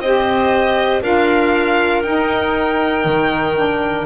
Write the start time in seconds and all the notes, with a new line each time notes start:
0.00 C4 G4 C5 D#5
1.02 D4 F4 A#4 F5
2.03 D#4 G5
3.05 D#3
3.56 D4